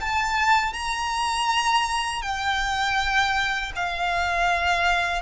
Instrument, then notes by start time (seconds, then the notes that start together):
violin
0.00 A5
0.73 A#5
2.22 G5
3.75 F5